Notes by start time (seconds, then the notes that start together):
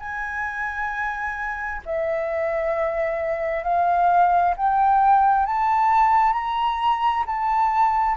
0.00 G#5
1.86 E5
3.64 F5
4.57 G5
5.46 A5
6.33 A#5
7.27 A5